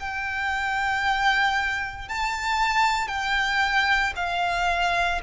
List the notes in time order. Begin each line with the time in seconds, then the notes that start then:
0.00 G5
2.09 A5
3.08 G5
4.16 F5